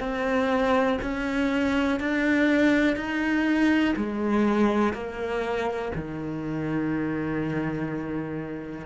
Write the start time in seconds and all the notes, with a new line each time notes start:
0.00 C4
1.02 C#4
2.00 D4
2.96 D#4
3.96 G#3
4.94 A#3
5.96 D#3